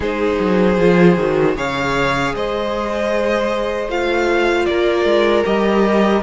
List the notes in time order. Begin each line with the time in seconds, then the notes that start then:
0.00 G#3 D#4 G#4 C5
0.39 F#3
0.77 F3 F4
1.16 D#3 F#4
1.56 C#3 G#4 C#5 F5
2.35 G#3 C5 D#5
3.87 A3 F4 F5
4.65 A#3 A#4 D5
5.04 G#3
5.44 G3 G4 D#5